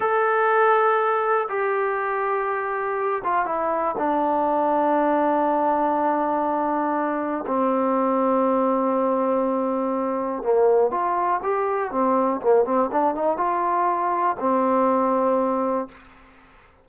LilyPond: \new Staff \with { instrumentName = "trombone" } { \time 4/4 \tempo 4 = 121 a'2. g'4~ | g'2~ g'8 f'8 e'4 | d'1~ | d'2. c'4~ |
c'1~ | c'4 ais4 f'4 g'4 | c'4 ais8 c'8 d'8 dis'8 f'4~ | f'4 c'2. | }